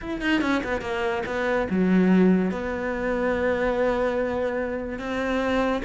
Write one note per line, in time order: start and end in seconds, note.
0.01 0.21 E4
0.21 0.41 D#4
0.41 0.62 C#4
0.63 0.81 B3
0.81 1.23 A#3
1.26 1.67 B3
1.70 2.51 F#3
2.51 4.98 B3
4.98 5.82 C4